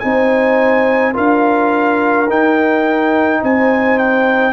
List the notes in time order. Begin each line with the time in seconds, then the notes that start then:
0.00 C4 D#4 C5 G#5
1.14 D4 F4 A#4 F5
2.29 D#4 G5
3.42 C4 C5 G#5
3.98 G5